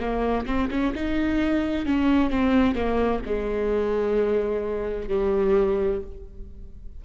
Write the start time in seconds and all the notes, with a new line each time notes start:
0.00 A#3
0.47 C4
0.71 C#4
0.95 D#4
1.86 C#4
2.30 C4
2.75 A#3
3.26 G#3
5.09 G3